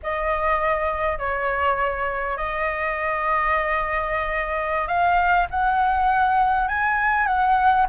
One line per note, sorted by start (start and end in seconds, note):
0.02 1.18 D#5
1.18 2.37 C#5
2.37 4.87 D#5
4.87 5.47 F5
5.50 6.68 F#5
6.68 7.26 G#5
7.26 7.86 F#5